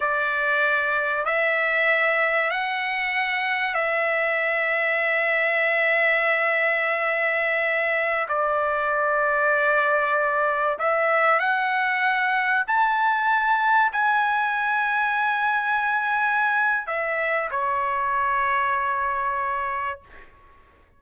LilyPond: \new Staff \with { instrumentName = "trumpet" } { \time 4/4 \tempo 4 = 96 d''2 e''2 | fis''2 e''2~ | e''1~ | e''4~ e''16 d''2~ d''8.~ |
d''4~ d''16 e''4 fis''4.~ fis''16~ | fis''16 a''2 gis''4.~ gis''16~ | gis''2. e''4 | cis''1 | }